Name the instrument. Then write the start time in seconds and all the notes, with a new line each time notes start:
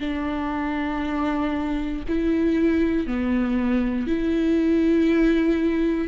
viola
0.00 D4
2.08 E4
3.06 B3
4.07 E4